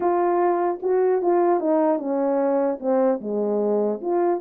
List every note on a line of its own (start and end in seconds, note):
0.00 0.79 F4
0.82 1.22 F#4
1.22 1.60 F4
1.60 1.99 D#4
1.99 2.79 C#4
2.79 3.19 C4
3.20 4.00 G#3
4.01 4.41 F4